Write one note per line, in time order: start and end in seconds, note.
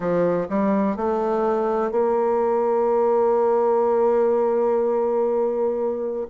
0.00 0.47 F3
0.49 0.96 G3
0.96 1.91 A3
1.91 6.26 A#3